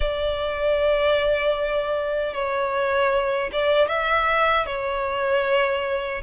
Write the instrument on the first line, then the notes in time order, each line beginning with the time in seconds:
violin
0.00 D5
2.33 C#5
3.52 D5
3.87 E5
4.65 C#5